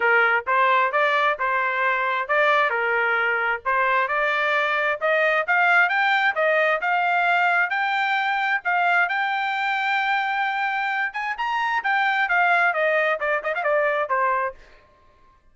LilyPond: \new Staff \with { instrumentName = "trumpet" } { \time 4/4 \tempo 4 = 132 ais'4 c''4 d''4 c''4~ | c''4 d''4 ais'2 | c''4 d''2 dis''4 | f''4 g''4 dis''4 f''4~ |
f''4 g''2 f''4 | g''1~ | g''8 gis''8 ais''4 g''4 f''4 | dis''4 d''8 dis''16 f''16 d''4 c''4 | }